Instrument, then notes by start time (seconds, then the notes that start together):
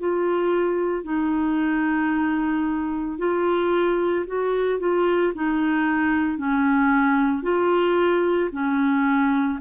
clarinet
0.00 F4
1.04 D#4
3.19 F4
4.27 F#4
4.80 F4
5.35 D#4
6.38 C#4
7.43 F4
8.52 C#4